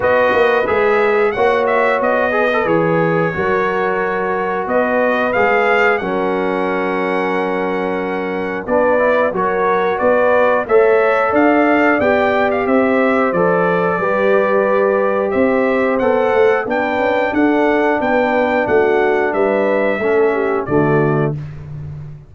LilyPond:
<<
  \new Staff \with { instrumentName = "trumpet" } { \time 4/4 \tempo 4 = 90 dis''4 e''4 fis''8 e''8 dis''4 | cis''2. dis''4 | f''4 fis''2.~ | fis''4 d''4 cis''4 d''4 |
e''4 f''4 g''8. f''16 e''4 | d''2. e''4 | fis''4 g''4 fis''4 g''4 | fis''4 e''2 d''4 | }
  \new Staff \with { instrumentName = "horn" } { \time 4/4 b'2 cis''4. b'8~ | b'4 ais'2 b'4~ | b'4 ais'2.~ | ais'4 b'4 ais'4 b'4 |
cis''4 d''2 c''4~ | c''4 b'2 c''4~ | c''4 b'4 a'4 b'4 | fis'4 b'4 a'8 g'8 fis'4 | }
  \new Staff \with { instrumentName = "trombone" } { \time 4/4 fis'4 gis'4 fis'4. gis'16 a'16 | gis'4 fis'2. | gis'4 cis'2.~ | cis'4 d'8 e'8 fis'2 |
a'2 g'2 | a'4 g'2. | a'4 d'2.~ | d'2 cis'4 a4 | }
  \new Staff \with { instrumentName = "tuba" } { \time 4/4 b8 ais8 gis4 ais4 b4 | e4 fis2 b4 | gis4 fis2.~ | fis4 b4 fis4 b4 |
a4 d'4 b4 c'4 | f4 g2 c'4 | b8 a8 b8 cis'8 d'4 b4 | a4 g4 a4 d4 | }
>>